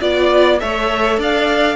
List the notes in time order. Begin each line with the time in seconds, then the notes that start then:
0.00 B3 F4 D5
0.60 A3 A4 C#5 E5
1.18 D4 D5 F5